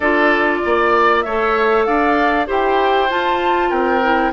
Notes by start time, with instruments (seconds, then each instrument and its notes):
0.00 bassoon D4, clarinet F4, oboe A4, flute D5
0.64 bassoon A#3, oboe D5
1.21 bassoon A3, oboe C#5, flute E5
1.28 clarinet A4
1.84 bassoon D4, oboe D5, flute F5
2.46 bassoon E4, clarinet G4, oboe C5, flute G5
3.09 clarinet F4, bassoon F4, flute A5
3.69 bassoon C4, oboe A#4, flute G5
4.02 clarinet E4